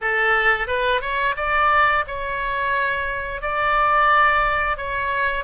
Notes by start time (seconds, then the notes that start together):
0.01 A4
0.67 B4
1.01 C#5
1.36 D5
2.07 C#5
3.41 D5
4.77 C#5